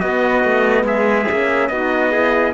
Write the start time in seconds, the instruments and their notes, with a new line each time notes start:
0.00 horn B3, cello B3, trumpet F#4 D#5
0.44 cello A3
0.84 cello G#3, trumpet G#4 E5
1.30 cello A#3, horn C#4
1.68 cello B3, horn D#4, trumpet F#4 D#5
2.11 horn E4, trumpet G#4